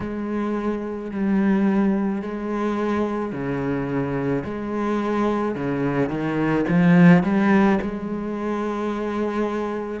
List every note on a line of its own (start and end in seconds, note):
0.00 1.11 G#3
1.11 2.22 G3
2.22 3.32 G#3
3.32 4.43 C#3
4.44 5.55 G#3
5.55 6.09 C#3
6.09 6.64 D#3
6.68 7.23 F3
7.23 7.78 G3
7.81 10.00 G#3